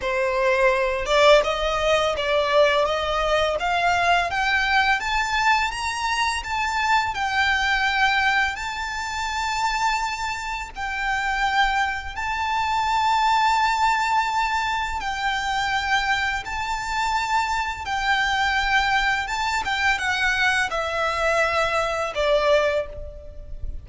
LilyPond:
\new Staff \with { instrumentName = "violin" } { \time 4/4 \tempo 4 = 84 c''4. d''8 dis''4 d''4 | dis''4 f''4 g''4 a''4 | ais''4 a''4 g''2 | a''2. g''4~ |
g''4 a''2.~ | a''4 g''2 a''4~ | a''4 g''2 a''8 g''8 | fis''4 e''2 d''4 | }